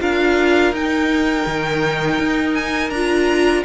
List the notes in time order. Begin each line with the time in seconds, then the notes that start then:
0.00 D4 F4 A#4 F5
0.72 D#4 G5
1.46 D#3
2.19 D#4
2.54 G#5
2.90 D4 F4 A#5